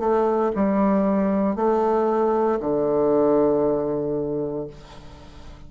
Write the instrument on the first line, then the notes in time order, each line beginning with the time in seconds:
bassoon
0.00 A3
0.55 G3
1.56 A3
2.61 D3